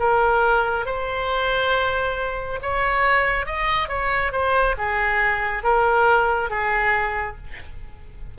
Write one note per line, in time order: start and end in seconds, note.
0.00 0.86 A#4
0.86 2.60 C5
2.62 3.46 C#5
3.46 3.89 D#5
3.89 4.32 C#5
4.32 4.76 C5
4.78 5.63 G#4
5.63 6.50 A#4
6.50 7.37 G#4